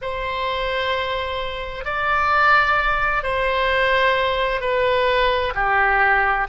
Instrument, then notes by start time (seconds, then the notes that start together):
oboe
0.01 C5
1.84 D5
3.23 C5
4.61 B4
5.54 G4